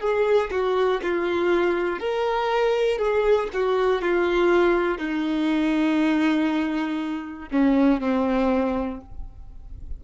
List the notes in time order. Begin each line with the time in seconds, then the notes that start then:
0.00 G#4
0.51 F#4
1.02 F4
1.99 A#4
2.98 G#4
3.53 F#4
4.01 F4
4.98 D#4
7.51 C#4
8.01 C4